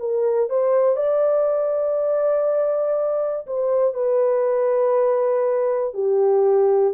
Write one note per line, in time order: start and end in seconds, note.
0.00 0.50 A#4
0.50 0.97 C5
0.97 3.47 D5
3.47 3.94 C5
3.94 5.94 B4
5.94 6.94 G4